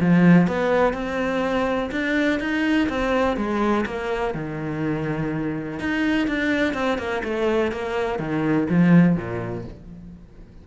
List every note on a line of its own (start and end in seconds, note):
0.00 0.47 F3
0.47 0.93 B3
0.93 1.90 C4
1.91 2.40 D4
2.40 2.88 D#4
2.89 3.37 C4
3.37 3.85 G#3
3.86 4.34 A#3
4.34 5.79 D#3
5.79 6.27 D#4
6.27 6.74 D4
6.74 6.98 C4
6.98 7.22 A#3
7.24 7.71 A3
7.71 8.19 A#3
8.19 8.67 D#3
8.69 9.16 F3
9.16 9.64 A#2